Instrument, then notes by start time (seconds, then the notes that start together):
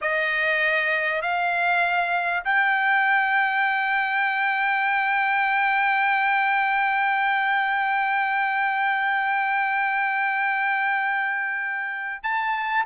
trumpet
0.01 D#5
1.21 F5
2.44 G5
12.23 A5